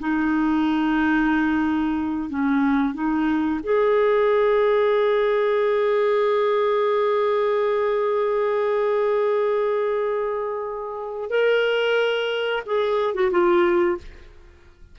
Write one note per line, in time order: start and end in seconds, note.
0.00 2.30 D#4
2.30 2.94 C#4
2.94 3.61 D#4
3.64 11.30 G#4
11.30 12.64 A#4
12.67 13.15 G#4
13.15 13.32 F#4
13.32 13.98 F4